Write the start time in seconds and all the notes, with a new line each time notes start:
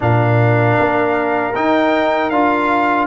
0.00 A#2 D4 A#4 F5
0.79 A#3
1.55 D#4 G5
2.30 D4 F4 F5